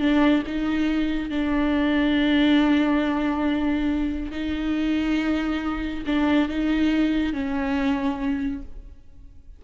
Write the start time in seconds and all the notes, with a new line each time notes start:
0.00 D4
0.47 D#4
1.30 D4
4.32 D#4
6.07 D4
6.49 D#4
7.33 C#4